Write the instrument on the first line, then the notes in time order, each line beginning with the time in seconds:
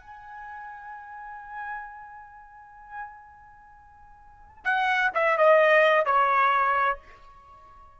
trumpet
0.00 G#5
4.64 F#5
5.15 E5
5.37 D#5
6.05 C#5